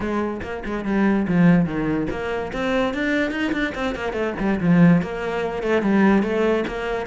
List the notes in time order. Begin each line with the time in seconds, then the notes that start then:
0.00 G#3
0.42 A#3
0.65 G#3
0.84 G3
1.27 F3
1.65 D#3
2.10 A#3
2.52 C4
2.94 D4
3.31 D#4
3.52 D4
3.74 C4
3.95 A#3
4.12 A3
4.39 G3
4.60 F3
5.02 A#3
5.62 A3
5.82 G3
6.22 A3
6.67 A#3